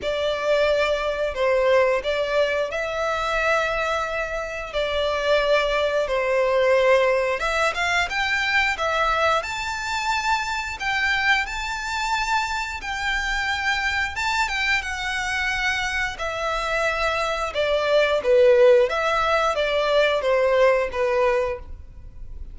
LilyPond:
\new Staff \with { instrumentName = "violin" } { \time 4/4 \tempo 4 = 89 d''2 c''4 d''4 | e''2. d''4~ | d''4 c''2 e''8 f''8 | g''4 e''4 a''2 |
g''4 a''2 g''4~ | g''4 a''8 g''8 fis''2 | e''2 d''4 b'4 | e''4 d''4 c''4 b'4 | }